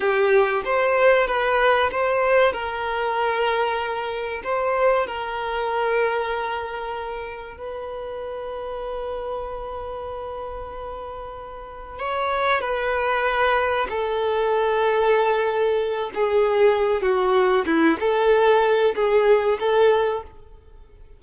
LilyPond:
\new Staff \with { instrumentName = "violin" } { \time 4/4 \tempo 4 = 95 g'4 c''4 b'4 c''4 | ais'2. c''4 | ais'1 | b'1~ |
b'2. cis''4 | b'2 a'2~ | a'4. gis'4. fis'4 | e'8 a'4. gis'4 a'4 | }